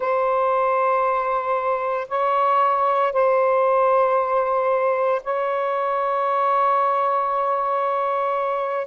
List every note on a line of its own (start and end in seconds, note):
0.00 2.07 C5
2.08 3.12 C#5
3.12 5.21 C5
5.23 8.87 C#5